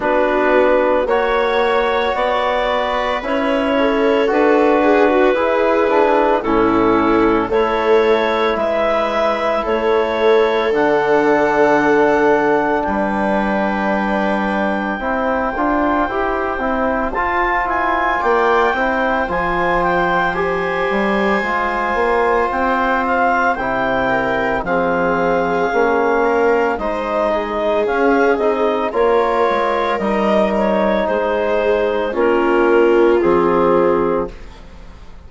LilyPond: <<
  \new Staff \with { instrumentName = "clarinet" } { \time 4/4 \tempo 4 = 56 b'4 cis''4 d''4 cis''4 | b'2 a'4 cis''4 | e''4 cis''4 fis''2 | g''1 |
a''8 gis''8 g''4 gis''8 g''8 gis''4~ | gis''4 g''8 f''8 g''4 f''4~ | f''4 dis''4 f''8 dis''8 cis''4 | dis''8 cis''8 c''4 ais'4 gis'4 | }
  \new Staff \with { instrumentName = "viola" } { \time 4/4 fis'4 cis''4. b'4 a'8~ | a'8 gis'16 fis'16 gis'4 e'4 a'4 | b'4 a'2. | b'2 c''2~ |
c''4 d''8 c''2~ c''8~ | c''2~ c''8 ais'8 gis'4~ | gis'8 ais'8 c''8 gis'4. ais'4~ | ais'4 gis'4 f'2 | }
  \new Staff \with { instrumentName = "trombone" } { \time 4/4 d'4 fis'2 e'4 | fis'4 e'8 d'8 cis'4 e'4~ | e'2 d'2~ | d'2 e'8 f'8 g'8 e'8 |
f'4. e'8 f'4 g'4 | f'2 e'4 c'4 | cis'4 dis'4 cis'8 dis'8 f'4 | dis'2 cis'4 c'4 | }
  \new Staff \with { instrumentName = "bassoon" } { \time 4/4 b4 ais4 b4 cis'4 | d'4 e'4 a,4 a4 | gis4 a4 d2 | g2 c'8 d'8 e'8 c'8 |
f'8 e'8 ais8 c'8 f4. g8 | gis8 ais8 c'4 c4 f4 | ais4 gis4 cis'8 c'8 ais8 gis8 | g4 gis4 ais4 f4 | }
>>